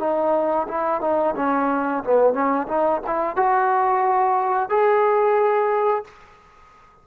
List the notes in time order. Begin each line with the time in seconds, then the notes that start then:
0.00 D#4
0.68 E4
1.01 D#4
1.36 C#4
2.04 B3
2.34 C#4
2.68 D#4
3.07 E4
3.37 F#4
4.69 G#4